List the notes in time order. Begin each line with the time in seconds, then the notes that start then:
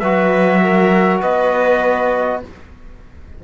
0.00 F#3 F#4 B4 E5
0.62 A#4
1.21 B3 B4 D#5